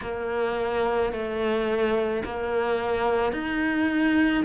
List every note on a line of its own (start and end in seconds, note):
0.01 1.12 A#3
1.12 2.23 A3
2.24 3.32 A#3
3.32 4.43 D#4